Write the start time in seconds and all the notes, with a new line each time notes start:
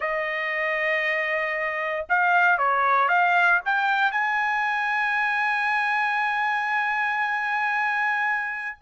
0.00 D#5
2.09 F5
2.57 C#5
3.08 F5
3.65 G5
4.11 G#5